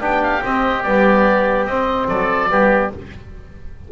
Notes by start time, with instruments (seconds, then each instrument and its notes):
0.00 double bass B3, trombone D4, oboe G4 G5
0.23 oboe F5
0.43 trombone C4, double bass C4, oboe D#5
0.83 double bass G3, trombone B3, oboe D5
1.65 double bass C4, trombone C4, oboe D#5
2.08 double bass F#3, oboe A4 D5
2.49 double bass G3, trombone B3, oboe G4